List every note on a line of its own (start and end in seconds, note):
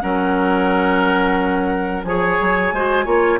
0.00 2.03 F#3
0.00 2.03 C#4
0.00 2.05 A#4
0.00 2.02 F#5
2.03 2.37 F3
2.03 2.74 G#4
2.03 2.74 C#5
2.03 3.38 G#5
2.40 2.72 F#3
2.72 3.05 G#3
2.72 3.05 F#4
2.72 3.05 C5
3.05 3.39 A#3
3.05 3.38 F4
3.05 3.38 C#5